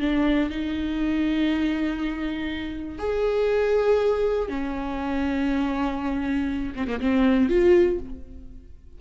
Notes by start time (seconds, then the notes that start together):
0.00 D4
0.50 D#4
2.99 G#4
4.49 C#4
6.75 C4
6.88 A#3
7.00 C4
7.49 F4